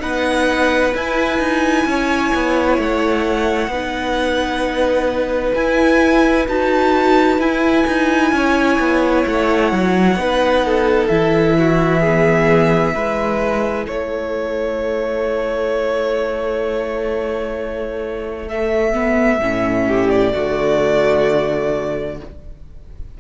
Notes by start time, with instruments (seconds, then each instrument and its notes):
0.00 cello B3, viola D#4, violin B4 F#5
0.94 viola E4, cello E4, violin G#5
1.39 cello D#4
1.85 cello C#4, violin C#5
2.35 cello B3
2.78 cello A3, violin F#5
3.67 cello B3, viola D#4, violin B4
5.54 viola E4, cello E4, violin G#5
6.48 cello D#4, viola F#4, violin A5
7.39 cello E4, viola E4, violin G#5
7.87 cello D#4
8.32 cello C#4, violin C#5
8.79 cello B3
9.26 cello A3, violin F#5
9.72 cello F#3
10.16 cello B3, viola D#4, violin B4
10.65 violin A4
11.07 cello E3, viola E4, violin E5
11.59 violin F#4
12.01 viola B3, violin G#4
12.94 cello G#3, viola E4, violin B4
13.86 cello A3, violin A4 C#5
18.48 viola A3, violin E5
18.94 viola B3
19.40 cello A2, viola C#4
19.88 violin G4
20.10 violin D5
20.33 cello D3, viola A3, violin F#4